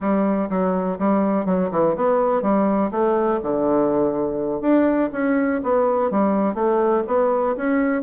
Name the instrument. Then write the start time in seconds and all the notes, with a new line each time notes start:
bassoon
0.00 G3
0.49 F#3
0.98 G3
1.45 F#3
1.71 E3
1.96 B3
2.41 G3
2.91 A3
3.42 D3
4.61 D4
5.12 C#4
5.63 B3
6.10 G3
6.54 A3
7.07 B3
7.56 C#4